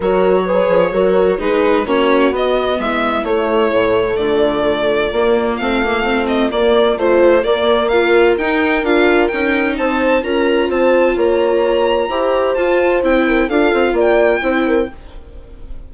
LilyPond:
<<
  \new Staff \with { instrumentName = "violin" } { \time 4/4 \tempo 4 = 129 cis''2. b'4 | cis''4 dis''4 e''4 cis''4~ | cis''4 d''2. | f''4. dis''8 d''4 c''4 |
d''4 f''4 g''4 f''4 | g''4 a''4 ais''4 a''4 | ais''2. a''4 | g''4 f''4 g''2 | }
  \new Staff \with { instrumentName = "horn" } { \time 4/4 ais'4 b'4 ais'4 gis'4 | fis'2 e'2~ | e'4 f'2.~ | f'1~ |
f'4 ais'2.~ | ais'4 c''4 ais'4 c''4 | cis''2 c''2~ | c''8 ais'8 a'4 d''4 c''8 ais'8 | }
  \new Staff \with { instrumentName = "viola" } { \time 4/4 fis'4 gis'4 fis'4 dis'4 | cis'4 b2 a4~ | a2. ais4 | c'8 ais8 c'4 ais4 f4 |
ais4 f'4 dis'4 f'4 | dis'2 f'2~ | f'2 g'4 f'4 | e'4 f'2 e'4 | }
  \new Staff \with { instrumentName = "bassoon" } { \time 4/4 fis4. f8 fis4 gis4 | ais4 b4 gis4 a4 | a,4 d2 ais4 | a2 ais4 a4 |
ais2 dis'4 d'4 | cis'4 c'4 cis'4 c'4 | ais2 e'4 f'4 | c'4 d'8 c'8 ais4 c'4 | }
>>